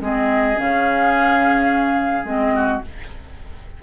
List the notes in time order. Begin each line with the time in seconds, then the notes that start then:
0.00 G#3 C4 G#4 D#5
0.55 C#3 C#4 F5
2.24 G#3 C4 D#5
2.54 F#4